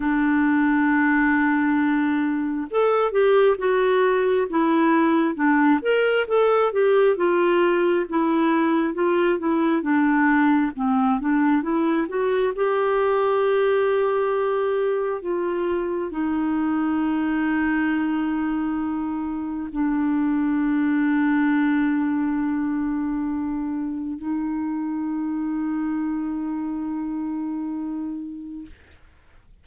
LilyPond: \new Staff \with { instrumentName = "clarinet" } { \time 4/4 \tempo 4 = 67 d'2. a'8 g'8 | fis'4 e'4 d'8 ais'8 a'8 g'8 | f'4 e'4 f'8 e'8 d'4 | c'8 d'8 e'8 fis'8 g'2~ |
g'4 f'4 dis'2~ | dis'2 d'2~ | d'2. dis'4~ | dis'1 | }